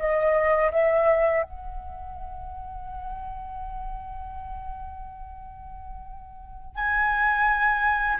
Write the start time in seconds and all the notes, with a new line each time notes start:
0.00 D#5
0.72 E5
1.43 F#5
6.76 G#5